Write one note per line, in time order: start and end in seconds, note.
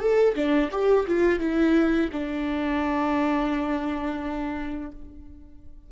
0.00 0.35 A4
0.35 0.70 D4
0.72 1.07 G4
1.08 1.40 F4
1.40 2.10 E4
2.12 4.92 D4